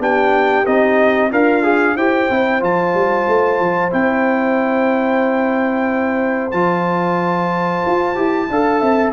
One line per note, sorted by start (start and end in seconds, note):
0.00 0.65 B3
0.00 0.66 D4
0.00 1.30 G4
0.00 0.66 G5
0.66 1.32 C4
0.66 1.32 D#4
0.66 1.32 D#5
1.30 1.97 D4
1.30 1.95 F4
1.30 1.63 A#4
1.30 1.97 F5
1.63 1.96 G#4
1.96 2.30 E4
1.96 2.30 G4
1.96 8.49 C5
1.96 2.62 G5
2.30 2.62 C4
2.30 2.60 E4
2.60 2.94 F3
2.60 3.91 F4
2.60 3.93 A5
2.94 3.27 G3
3.28 3.60 A3
3.61 3.93 F3
3.91 6.53 C4
3.91 6.52 E4
3.91 6.52 G5
6.52 7.84 F3
6.52 8.16 F4
6.52 9.12 A5
7.86 8.17 F4
8.16 8.50 E4
8.16 8.48 G4
8.50 8.82 D4
8.50 9.13 A4
8.50 8.81 F5
8.81 9.13 C4
8.81 9.13 E5